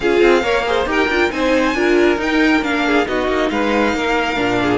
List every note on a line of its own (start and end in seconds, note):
0.00 0.21 C#4
0.00 0.43 F4
0.00 0.42 G#4
0.00 0.87 F5
0.21 0.42 C4
0.42 0.86 A#3
0.42 0.65 A#4
0.42 0.64 C#5
0.65 0.86 G#4
0.65 0.89 C5
0.86 1.07 D#4
0.86 1.08 G4
0.86 1.33 A#4
0.86 1.31 G5
1.08 1.30 D4
1.08 1.30 F4
1.30 1.74 C4
1.30 1.74 D#4
1.30 1.76 C5
1.30 2.18 G#5
1.74 2.17 D4
1.74 2.17 F4
1.74 2.86 A#4
2.17 2.61 D#4
2.17 2.63 G5
2.62 3.05 A#3
2.62 3.06 D4
2.62 3.07 F5
2.86 3.08 G#4
3.06 3.28 B3
3.06 4.36 D#4
3.06 3.51 F#4
3.06 3.49 D#5
3.28 3.50 A#3
3.49 3.93 G#3
3.49 3.95 B4
3.49 4.78 F5
3.93 4.37 A#3
3.93 4.60 A#4
4.36 4.78 A#2
4.36 4.78 D4
4.61 4.78 G#4